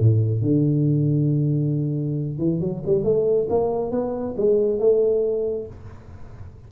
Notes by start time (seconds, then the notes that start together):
0.00 A2
0.42 D3
2.39 E3
2.61 F#3
2.87 G3
3.05 A3
3.50 A#3
3.92 B3
4.38 G#3
4.80 A3